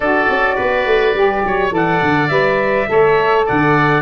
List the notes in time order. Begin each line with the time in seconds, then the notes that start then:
0.00 D4 F#4 A4 D5
0.30 C#4
0.55 B3 B4
0.85 A3
1.14 G3 G4
1.44 F#3 C#5
1.70 E3 A4 D5 F#5
2.02 D3
2.28 G3 B4 E5
2.87 A3 A4 C#5
3.45 D3 D5 F#5